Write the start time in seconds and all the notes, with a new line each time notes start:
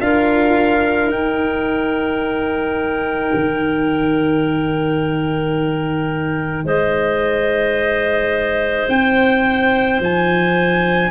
0.00 D4 F4 A#4 F5
1.09 D#4 G5
3.34 D#3
6.64 G#3 C5 D#5
8.89 C4 G5
10.00 F3 G#5